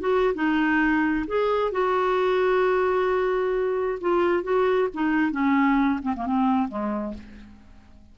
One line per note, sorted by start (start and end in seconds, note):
0.00 0.34 F#4
0.35 1.25 D#4
1.27 1.71 G#4
1.71 3.99 F#4
4.01 4.43 F4
4.43 4.88 F#4
4.94 5.32 D#4
5.32 6.00 C#4
6.02 6.14 C4
6.16 6.26 A#3
6.26 6.68 C4
6.68 7.14 G#3